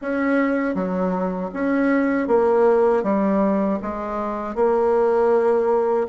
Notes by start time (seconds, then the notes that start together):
0.01 C#4
0.74 F#3
1.53 C#4
2.28 A#3
3.03 G3
3.81 G#3
4.55 A#3